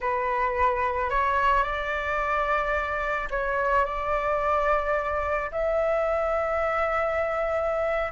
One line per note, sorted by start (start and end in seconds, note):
0.01 1.10 B4
1.10 1.63 C#5
1.63 3.28 D5
3.30 3.85 C#5
3.85 5.50 D5
5.51 8.12 E5